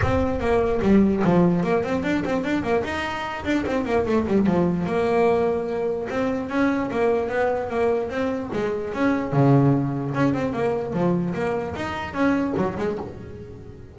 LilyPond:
\new Staff \with { instrumentName = "double bass" } { \time 4/4 \tempo 4 = 148 c'4 ais4 g4 f4 | ais8 c'8 d'8 c'8 d'8 ais8 dis'4~ | dis'8 d'8 c'8 ais8 a8 g8 f4 | ais2. c'4 |
cis'4 ais4 b4 ais4 | c'4 gis4 cis'4 cis4~ | cis4 cis'8 c'8 ais4 f4 | ais4 dis'4 cis'4 fis8 gis8 | }